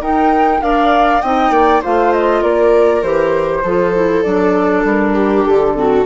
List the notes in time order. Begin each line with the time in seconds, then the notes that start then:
0.00 D#4 A#4 G5
0.61 D4 A#4 D5 F5
1.21 C4 D#4 D#5 G5
1.50 A#3 D5
1.81 A3 F4 C5 F5
2.12 D#5
2.40 A#3 A#4 D5
3.02 E3 G4 C5
3.63 F3 F4 A4
3.94 E4
4.23 F#3 D4 D5
4.84 G3 A#4
5.14 G4
5.46 D3 A4
5.73 C4 F#4